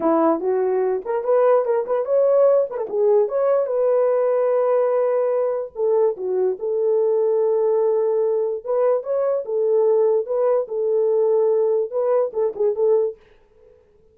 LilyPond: \new Staff \with { instrumentName = "horn" } { \time 4/4 \tempo 4 = 146 e'4 fis'4. ais'8 b'4 | ais'8 b'8 cis''4. b'16 a'16 gis'4 | cis''4 b'2.~ | b'2 a'4 fis'4 |
a'1~ | a'4 b'4 cis''4 a'4~ | a'4 b'4 a'2~ | a'4 b'4 a'8 gis'8 a'4 | }